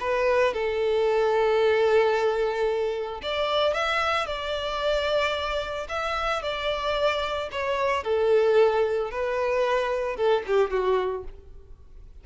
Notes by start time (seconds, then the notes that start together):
0.00 B4
0.54 A4
3.22 D5
3.74 E5
4.27 D5
5.89 E5
6.42 D5
7.51 C#5
8.04 A4
9.11 B4
10.16 A4
10.47 G4
10.71 F#4